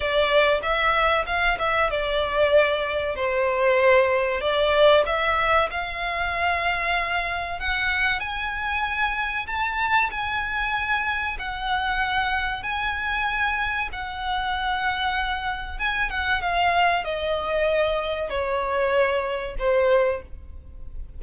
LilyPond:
\new Staff \with { instrumentName = "violin" } { \time 4/4 \tempo 4 = 95 d''4 e''4 f''8 e''8 d''4~ | d''4 c''2 d''4 | e''4 f''2. | fis''4 gis''2 a''4 |
gis''2 fis''2 | gis''2 fis''2~ | fis''4 gis''8 fis''8 f''4 dis''4~ | dis''4 cis''2 c''4 | }